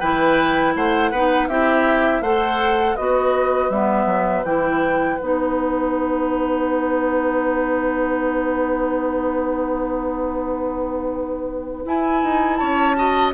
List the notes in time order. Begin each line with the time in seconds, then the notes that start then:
0.00 E3 E4 B4 G5
0.76 A3 C5 F#5
1.11 B3 D#4 B4
1.49 C4 E4 G4 E5
2.21 A3 A4 C5 F#5
2.96 B3 F#4 B4 D#5
3.70 G3 B3 E5
4.06 F#3
4.44 E3 E4 G5
5.19 B3 D#4 F#5
11.86 E4 G#5
12.23 D#4
12.57 C#4 C#5 A5
12.96 F#4 D#5